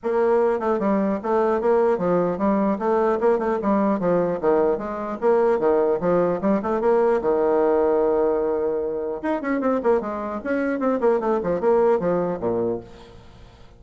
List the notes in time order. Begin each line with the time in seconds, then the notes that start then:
0.03 A#3
0.59 A3
0.79 G3
1.23 A3
1.60 A#3
1.97 F3
2.38 G3
2.78 A3
3.20 A#3
3.39 A3
3.62 G3
3.99 F3
4.40 D#3
4.77 G#3
5.20 A#3
5.59 D#3
6.00 F3
6.41 G3
6.62 A3
6.80 A#3
7.21 D#3
9.22 D#4
9.41 C#4
9.61 C4
9.83 A#3
10.00 G#3
10.43 C#4
10.79 C4
11.00 A#3
11.19 A3
11.43 F3
11.60 A#3
11.99 F3
12.40 A#2